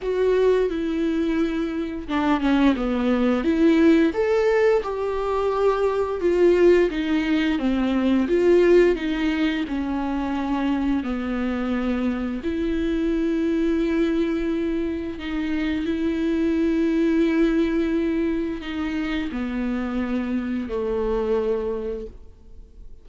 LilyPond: \new Staff \with { instrumentName = "viola" } { \time 4/4 \tempo 4 = 87 fis'4 e'2 d'8 cis'8 | b4 e'4 a'4 g'4~ | g'4 f'4 dis'4 c'4 | f'4 dis'4 cis'2 |
b2 e'2~ | e'2 dis'4 e'4~ | e'2. dis'4 | b2 a2 | }